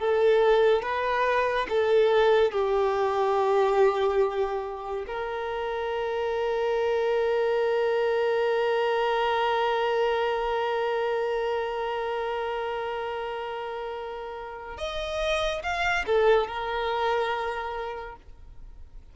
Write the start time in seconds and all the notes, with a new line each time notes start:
0.00 A4
0.83 B4
1.69 A4
2.52 G4
5.07 A#4
14.78 D#5
15.63 F5
16.07 A4
16.48 A#4